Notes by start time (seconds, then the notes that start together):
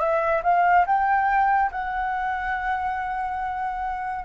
0.00 E5
0.44 F5
0.87 G5
1.72 F#5